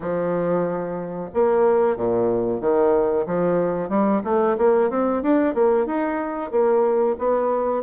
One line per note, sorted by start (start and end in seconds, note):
0.00 1.29 F3
1.34 1.96 A#3
1.96 2.60 A#2
2.60 3.25 D#3
3.26 3.89 F3
3.89 4.21 G3
4.24 4.56 A3
4.57 4.89 A#3
4.89 5.22 C4
5.22 5.54 D4
5.54 5.86 A#3
5.86 6.51 D#4
6.51 7.16 A#3
7.18 7.83 B3